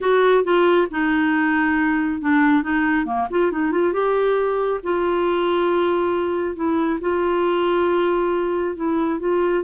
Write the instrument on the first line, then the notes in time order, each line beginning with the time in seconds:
clarinet
0.00 F#4
0.44 F4
0.91 D#4
2.21 D4
2.63 D#4
3.05 A#3
3.30 F4
3.51 D#4
3.71 F4
3.92 G4
4.83 F4
6.55 E4
7.01 F4
8.76 E4
9.19 F4